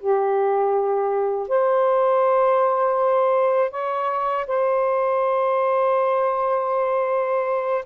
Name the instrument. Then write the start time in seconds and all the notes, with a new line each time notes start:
saxophone
0.00 G4
1.48 C5
3.71 C#5
4.47 C5